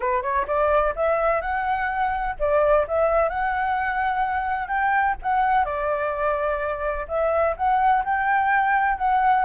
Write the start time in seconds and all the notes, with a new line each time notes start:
0.00 B4
0.22 C#5
0.47 D5
0.95 E5
1.41 F#5
2.39 D5
2.87 E5
3.29 F#5
4.68 G5
5.22 F#5
5.64 D5
7.07 E5
7.56 F#5
8.04 G5
8.97 F#5